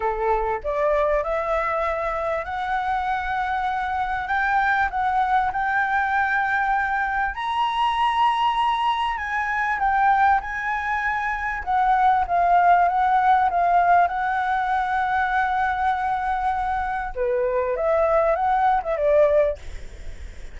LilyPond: \new Staff \with { instrumentName = "flute" } { \time 4/4 \tempo 4 = 98 a'4 d''4 e''2 | fis''2. g''4 | fis''4 g''2. | ais''2. gis''4 |
g''4 gis''2 fis''4 | f''4 fis''4 f''4 fis''4~ | fis''1 | b'4 e''4 fis''8. e''16 d''4 | }